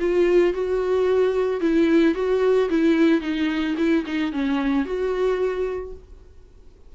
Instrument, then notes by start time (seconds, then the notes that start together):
viola
0.00 F4
0.53 F#4
1.61 E4
2.15 F#4
2.69 E4
3.21 D#4
3.77 E4
4.06 D#4
4.32 C#4
4.85 F#4